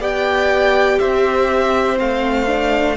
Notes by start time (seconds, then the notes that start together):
0.00 B3 G4 D5 G5
0.99 C4 C5 E5
1.97 A3 C4 F5
2.47 D4